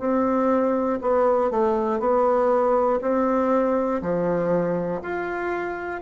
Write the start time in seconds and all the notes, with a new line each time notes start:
0.00 C4
1.02 B3
1.51 A3
2.00 B3
3.02 C4
4.02 F3
5.03 F4